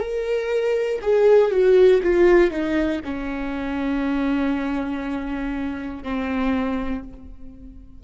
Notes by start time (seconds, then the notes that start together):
0.00 A#4
1.02 G#4
1.51 F#4
2.03 F4
2.51 D#4
3.05 C#4
6.04 C4